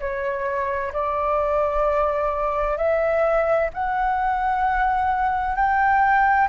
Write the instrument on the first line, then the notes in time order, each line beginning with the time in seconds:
flute
0.00 C#5
0.93 D5
2.77 E5
3.74 F#5
5.56 G5